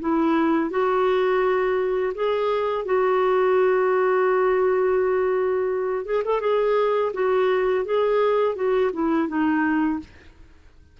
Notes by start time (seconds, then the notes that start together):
0.00 E4
0.70 F#4
2.14 G#4
2.85 F#4
6.05 G#4
6.24 A4
6.41 G#4
7.13 F#4
7.85 G#4
8.55 F#4
8.93 E4
9.28 D#4